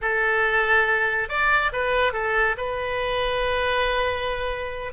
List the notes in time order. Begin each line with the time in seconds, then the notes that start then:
0.01 A4
1.28 D5
1.72 B4
2.13 A4
2.57 B4